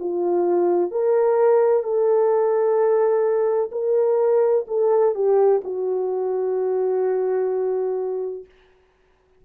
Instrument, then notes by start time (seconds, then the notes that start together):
horn
0.00 F4
0.92 A#4
1.84 A4
3.72 A#4
4.68 A4
5.15 G4
5.65 F#4